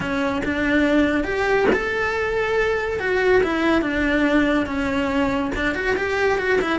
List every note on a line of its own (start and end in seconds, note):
0.00 0.42 C#4
0.45 1.24 D4
1.24 1.66 G4
1.72 2.99 A4
2.99 3.42 F#4
3.43 3.81 E4
3.81 4.66 D4
4.66 5.51 C#4
5.55 5.74 D4
5.74 5.96 F#4
5.96 6.38 G4
6.38 6.59 F#4
6.61 6.79 E4